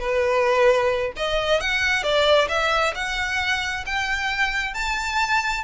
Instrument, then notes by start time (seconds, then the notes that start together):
violin
0.00 B4
1.17 D#5
1.61 F#5
2.03 D5
2.49 E5
2.95 F#5
3.86 G5
4.75 A5